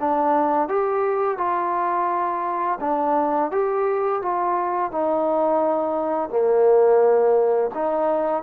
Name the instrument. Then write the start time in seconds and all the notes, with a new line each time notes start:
trombone
0.00 D4
0.69 G4
1.38 F4
2.81 D4
3.52 G4
4.22 F4
4.92 D#4
6.30 A#3
7.75 D#4